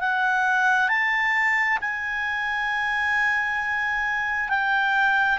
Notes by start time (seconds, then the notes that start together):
0.00 F#5
0.88 A5
1.81 G#5
4.49 G5